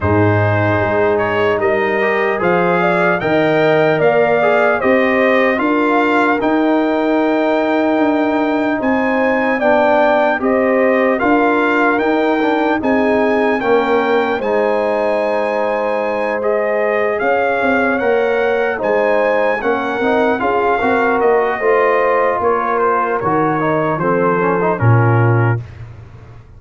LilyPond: <<
  \new Staff \with { instrumentName = "trumpet" } { \time 4/4 \tempo 4 = 75 c''4. cis''8 dis''4 f''4 | g''4 f''4 dis''4 f''4 | g''2. gis''4 | g''4 dis''4 f''4 g''4 |
gis''4 g''4 gis''2~ | gis''8 dis''4 f''4 fis''4 gis''8~ | gis''8 fis''4 f''4 dis''4. | cis''8 c''8 cis''4 c''4 ais'4 | }
  \new Staff \with { instrumentName = "horn" } { \time 4/4 gis'2 ais'4 c''8 d''8 | dis''4 d''4 c''4 ais'4~ | ais'2. c''4 | d''4 c''4 ais'2 |
gis'4 ais'4 c''2~ | c''4. cis''2 c''8~ | c''8 ais'4 gis'8 ais'4 c''4 | ais'2 a'4 f'4 | }
  \new Staff \with { instrumentName = "trombone" } { \time 4/4 dis'2~ dis'8 g'8 gis'4 | ais'4. gis'8 g'4 f'4 | dis'1 | d'4 g'4 f'4 dis'8 d'8 |
dis'4 cis'4 dis'2~ | dis'8 gis'2 ais'4 dis'8~ | dis'8 cis'8 dis'8 f'8 fis'4 f'4~ | f'4 fis'8 dis'8 c'8 cis'16 dis'16 cis'4 | }
  \new Staff \with { instrumentName = "tuba" } { \time 4/4 gis,4 gis4 g4 f4 | dis4 ais4 c'4 d'4 | dis'2 d'4 c'4 | b4 c'4 d'4 dis'4 |
c'4 ais4 gis2~ | gis4. cis'8 c'8 ais4 gis8~ | gis8 ais8 c'8 cis'8 c'8 ais8 a4 | ais4 dis4 f4 ais,4 | }
>>